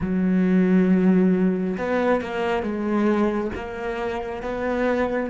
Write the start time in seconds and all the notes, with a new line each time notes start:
0.00 F#3
1.77 B3
2.21 A#3
2.62 G#3
3.55 A#3
4.42 B3